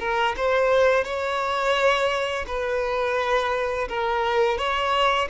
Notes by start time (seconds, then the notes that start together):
0.00 A#4
0.37 C5
1.05 C#5
2.47 B4
3.89 A#4
4.58 C#5